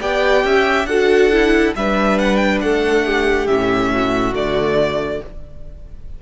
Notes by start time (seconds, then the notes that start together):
0.00 B3 G4 D5 G5
0.44 C#4 E5
0.85 D4 F#4 A4 F#5
1.32 E4
1.76 G3 D4 B4 E5
2.19 F#5
2.37 G5
2.61 A3 A4 F#5
3.06 G4
3.47 A2 C#4 E5
3.92 F#4
4.34 D3 A3 D5